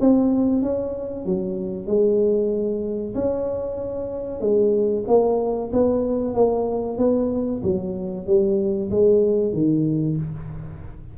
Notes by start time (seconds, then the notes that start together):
0.00 C4
0.62 C#4
1.25 F#3
1.86 G#3
3.14 C#4
4.40 G#3
5.07 A#3
5.72 B3
6.34 A#3
6.97 B3
7.63 F#3
8.26 G3
8.90 G#3
9.53 D#3